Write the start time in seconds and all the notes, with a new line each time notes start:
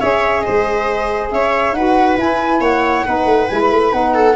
0.00 C#4 G#4 C#5 E5
0.41 C5 D#5
0.48 G#3
1.31 C#4 C#5 E5
1.72 D#4 F#4 B4 F#5
2.17 E4 G#5
2.60 A#3 C#5 F#5
3.05 B3 D#4 B4
3.25 A3
3.48 G#3 E4 G#5
3.61 B5
3.70 A3
3.92 B3 D#4 F#5
4.14 A4